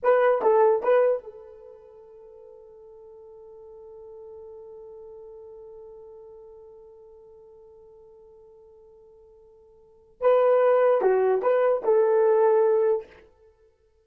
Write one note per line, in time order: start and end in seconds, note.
0.02 0.42 B4
0.42 0.82 A4
0.82 1.23 B4
1.23 10.20 A4
10.20 11.01 B4
11.01 11.42 F#4
11.42 11.82 B4
11.84 13.06 A4